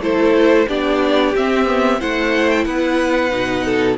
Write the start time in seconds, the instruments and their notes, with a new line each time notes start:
0.00 cello A3, viola E4, violin A4 C5
0.68 cello B3, viola D4, violin G4 D5
1.35 cello C4, viola C4, violin E5
1.65 viola B3
1.99 cello A3, viola E4, violin C5 F#5
2.49 violin G5
2.64 cello B3, violin B4 F#5
3.31 cello B2, viola D#4
3.64 violin A4